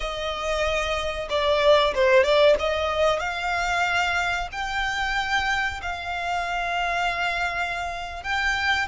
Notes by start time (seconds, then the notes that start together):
0.00 D#5
1.29 D5
1.94 C5
2.23 D5
2.59 D#5
3.19 F5
4.52 G5
5.82 F5
8.23 G5